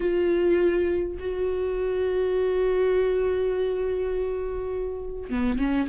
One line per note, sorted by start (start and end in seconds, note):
0.00 1.17 F4
1.19 5.29 F#4
5.29 5.58 B3
5.58 5.87 C#4